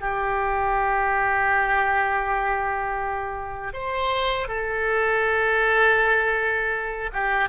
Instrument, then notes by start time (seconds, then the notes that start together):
oboe
0.00 G4
3.73 C5
4.48 A4
7.12 G4